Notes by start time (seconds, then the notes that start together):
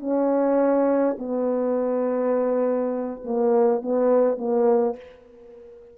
0.00 C#4
1.19 B3
3.25 A#3
3.82 B3
4.38 A#3